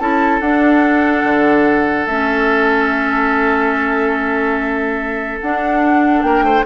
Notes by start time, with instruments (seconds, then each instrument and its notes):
0.00 bassoon C#4, clarinet E4, oboe A4, flute A5
0.41 bassoon D4, clarinet D4, flute F#5
1.24 bassoon D3
2.07 bassoon A3, clarinet C#4, flute E5
5.40 clarinet D4, bassoon D4, flute F#5
6.23 bassoon A#3, oboe A#4, flute G5
6.42 bassoon A3, oboe C5